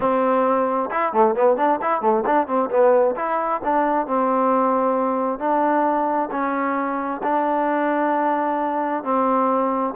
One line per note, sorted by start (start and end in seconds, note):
0.00 0.90 C4
0.90 1.13 E4
1.13 1.35 A3
1.35 1.56 B3
1.56 1.79 D4
1.81 2.01 E4
2.01 2.23 A3
2.26 2.47 D4
2.47 2.69 C4
2.70 3.15 B3
3.16 3.61 E4
3.64 4.06 D4
4.06 5.39 C4
5.39 6.29 D4
6.31 7.21 C#4
7.23 9.03 D4
9.03 9.94 C4